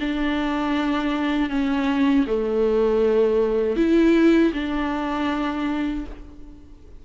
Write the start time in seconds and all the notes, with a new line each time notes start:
0.00 D4
1.50 C#4
2.27 A3
3.76 E4
4.53 D4